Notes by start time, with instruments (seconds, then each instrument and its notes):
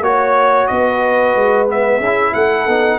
0.00 tuba A#3, trombone F#4, trumpet C#5, horn C#5
0.67 tuba B3, horn B4, trumpet D#5
1.35 tuba G#3
1.67 trombone B3, trumpet E5
1.99 tuba C#4, horn G#4
2.05 trombone E4
2.33 tuba A3, horn A4, trumpet F#5
2.66 tuba B3, trombone D#4